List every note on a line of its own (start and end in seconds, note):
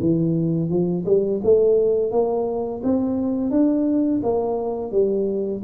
0.00 0.69 E3
0.69 1.05 F3
1.05 1.41 G3
1.43 2.11 A3
2.11 2.82 A#3
2.83 3.50 C4
3.50 4.21 D4
4.23 4.91 A#3
4.91 5.62 G3